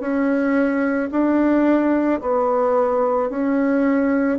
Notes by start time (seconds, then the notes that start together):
0.00 C#4
1.11 D4
2.21 B3
3.29 C#4